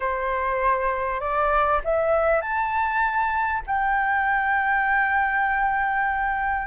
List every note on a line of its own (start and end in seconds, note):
0.00 1.20 C5
1.20 1.80 D5
1.84 2.41 E5
2.41 3.62 A5
3.66 6.67 G5